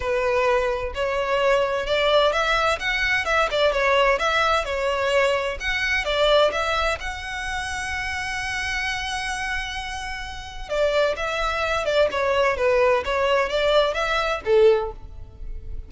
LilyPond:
\new Staff \with { instrumentName = "violin" } { \time 4/4 \tempo 4 = 129 b'2 cis''2 | d''4 e''4 fis''4 e''8 d''8 | cis''4 e''4 cis''2 | fis''4 d''4 e''4 fis''4~ |
fis''1~ | fis''2. d''4 | e''4. d''8 cis''4 b'4 | cis''4 d''4 e''4 a'4 | }